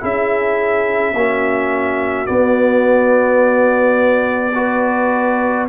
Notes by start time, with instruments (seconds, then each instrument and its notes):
0.00 tuba C#4, trombone E4, horn G#4, trumpet E5
1.13 tuba A#3, trombone C#4, horn F#4
2.26 trombone B3, tuba B3, trumpet D5
4.55 trombone F#4, horn B4